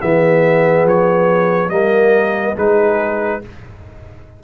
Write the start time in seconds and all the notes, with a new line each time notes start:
0.00 E3 B3 G#4 E5
0.84 F3 C#5
1.69 G3 A#3 A#4 D#5
2.55 G#3 D#4 G#4 B4